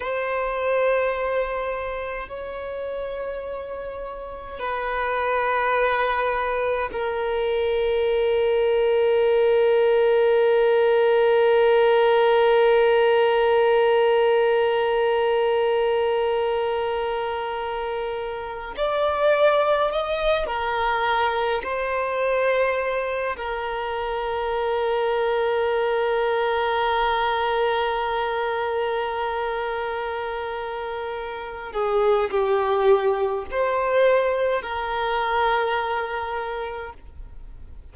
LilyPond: \new Staff \with { instrumentName = "violin" } { \time 4/4 \tempo 4 = 52 c''2 cis''2 | b'2 ais'2~ | ais'1~ | ais'1~ |
ais'16 d''4 dis''8 ais'4 c''4~ c''16~ | c''16 ais'2.~ ais'8.~ | ais'2.~ ais'8 gis'8 | g'4 c''4 ais'2 | }